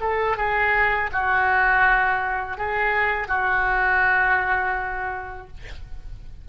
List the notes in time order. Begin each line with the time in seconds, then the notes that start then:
0.00 A4
0.37 G#4
1.12 F#4
2.57 G#4
3.28 F#4